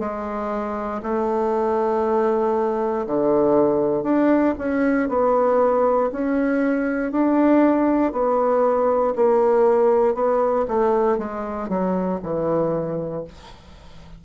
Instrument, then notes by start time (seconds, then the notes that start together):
bassoon
0.00 G#3
1.03 A3
3.06 D3
4.04 D4
4.59 C#4
5.09 B3
6.12 C#4
7.12 D4
8.13 B3
9.16 A#3
10.15 B3
10.69 A3
11.19 G#3
11.69 F#3
12.23 E3